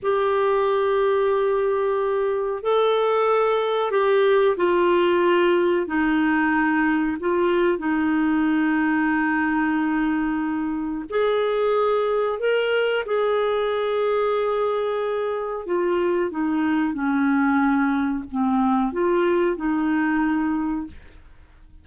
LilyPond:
\new Staff \with { instrumentName = "clarinet" } { \time 4/4 \tempo 4 = 92 g'1 | a'2 g'4 f'4~ | f'4 dis'2 f'4 | dis'1~ |
dis'4 gis'2 ais'4 | gis'1 | f'4 dis'4 cis'2 | c'4 f'4 dis'2 | }